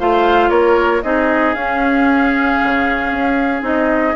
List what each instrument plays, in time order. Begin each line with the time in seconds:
0.00 bassoon A3, clarinet F4, oboe C5, flute F5
0.50 bassoon A#3, oboe A#4, flute C#5
1.03 bassoon C4, clarinet D#4, oboe G#4, flute D#5
1.55 bassoon C#4, clarinet C#4, flute F5
2.64 bassoon C#3
3.12 bassoon C#4
3.62 bassoon C4, clarinet D#4, flute D#5